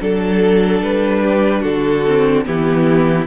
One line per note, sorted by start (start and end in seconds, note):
0.00 0.82 F#3
0.00 2.05 D4
0.00 1.22 A4
0.00 0.82 A4
0.82 1.64 G3
0.82 1.63 B4
1.22 1.61 G4
1.61 2.46 D3
1.61 2.43 F#4
1.61 2.45 A4
2.07 2.45 C4
2.45 3.27 E3
2.45 3.27 B3
2.45 3.27 E4
2.45 3.27 G4